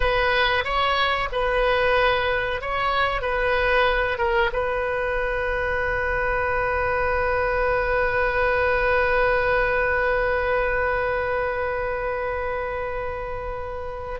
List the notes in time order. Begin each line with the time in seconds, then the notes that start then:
0.00 B4
0.64 C#5
1.32 B4
2.61 C#5
3.21 B4
4.18 A#4
4.52 B4